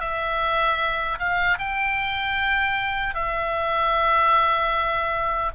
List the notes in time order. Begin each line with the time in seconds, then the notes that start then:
0.00 E5
1.19 F5
1.59 G5
3.15 E5